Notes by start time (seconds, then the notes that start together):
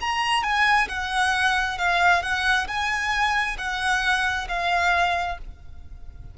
0.00 A#5
0.43 G#5
0.88 F#5
1.77 F5
2.22 F#5
2.67 G#5
3.57 F#5
4.48 F5